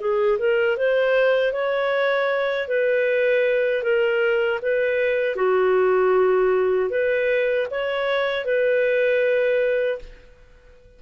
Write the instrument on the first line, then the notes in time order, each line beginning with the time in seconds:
clarinet
0.00 G#4
0.39 A#4
0.77 C5
1.53 C#5
2.68 B4
3.83 A#4
4.62 B4
5.36 F#4
6.90 B4
7.71 C#5
8.45 B4